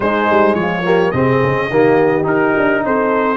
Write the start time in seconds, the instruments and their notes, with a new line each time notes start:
0.00 tuba G#3, trombone G#3, horn D#4, trumpet C5
0.30 tuba G3
0.54 tuba F3, horn F4, trumpet C#5
0.84 trombone A#3, horn G4
1.11 tuba C3, trombone C4, horn G#4, trumpet D#5
1.42 tuba C#3
1.69 tuba D#3, trombone A#3, horn G4
2.23 trombone D#4, tuba D#4, trumpet A#4
2.57 tuba D4
2.84 tuba C4, horn A4, trumpet C5